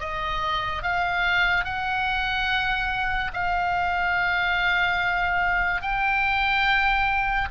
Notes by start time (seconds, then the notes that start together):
0.00 D#5
0.83 F5
1.65 F#5
3.34 F5
5.83 G5